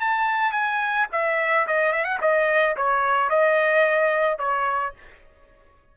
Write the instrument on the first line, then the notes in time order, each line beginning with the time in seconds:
trumpet
0.00 A5
0.52 G#5
1.12 E5
1.67 D#5
1.92 E5
2.04 F#5
2.21 D#5
2.76 C#5
3.29 D#5
4.38 C#5